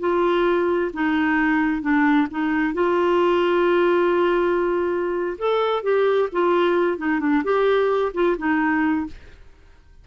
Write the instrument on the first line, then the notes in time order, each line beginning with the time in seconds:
clarinet
0.00 F4
0.94 D#4
1.82 D4
2.31 D#4
2.74 F4
5.38 A4
5.83 G4
6.32 F4
6.98 D#4
7.20 D4
7.44 G4
8.14 F4
8.38 D#4